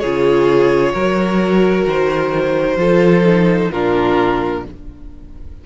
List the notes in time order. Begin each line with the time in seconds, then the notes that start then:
0.00 C#3 F4 G#4 C#5
0.93 F#3 F#4 A#4
1.85 D#3 C5
2.77 F3 F4 A4
3.24 D#4
3.72 A#2 D4 F4 A#4